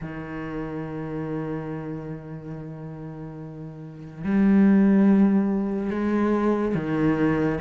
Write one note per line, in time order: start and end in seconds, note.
0.01 4.23 D#3
4.24 5.90 G3
5.90 6.75 G#3
6.75 7.59 D#3